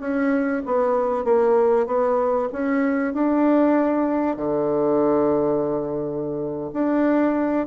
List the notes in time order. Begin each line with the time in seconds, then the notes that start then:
0.00 C#4
0.66 B3
1.24 A#3
1.86 B3
2.53 C#4
3.14 D4
4.37 D3
6.73 D4